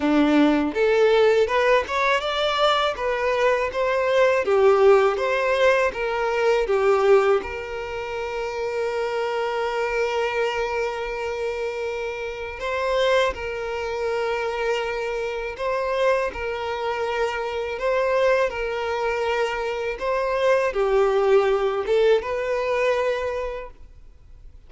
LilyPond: \new Staff \with { instrumentName = "violin" } { \time 4/4 \tempo 4 = 81 d'4 a'4 b'8 cis''8 d''4 | b'4 c''4 g'4 c''4 | ais'4 g'4 ais'2~ | ais'1~ |
ais'4 c''4 ais'2~ | ais'4 c''4 ais'2 | c''4 ais'2 c''4 | g'4. a'8 b'2 | }